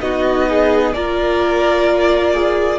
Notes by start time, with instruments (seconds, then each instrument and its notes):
0.00 cello B3, viola D#4, violin F#4 D#5
0.49 violin G#4
0.93 cello A#3, viola F4, violin A#4 D5
2.33 violin G#4